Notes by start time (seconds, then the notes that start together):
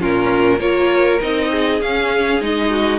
0.00 A#2 C#4 F4 A#4
0.59 A#3 F4 A#4 C#5
1.22 C4 D#4 D#5
1.51 G#4
1.81 C#4 F5
2.41 G#3 D#4 D#5
2.70 F#4